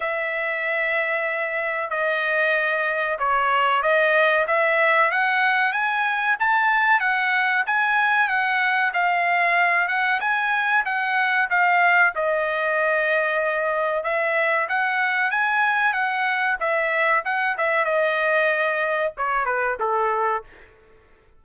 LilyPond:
\new Staff \with { instrumentName = "trumpet" } { \time 4/4 \tempo 4 = 94 e''2. dis''4~ | dis''4 cis''4 dis''4 e''4 | fis''4 gis''4 a''4 fis''4 | gis''4 fis''4 f''4. fis''8 |
gis''4 fis''4 f''4 dis''4~ | dis''2 e''4 fis''4 | gis''4 fis''4 e''4 fis''8 e''8 | dis''2 cis''8 b'8 a'4 | }